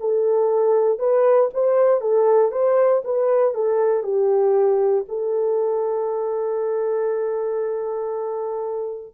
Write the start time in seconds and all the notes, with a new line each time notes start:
0.00 A4
0.99 B4
1.53 C5
2.01 A4
2.52 C5
3.05 B4
3.54 A4
4.03 G4
5.08 A4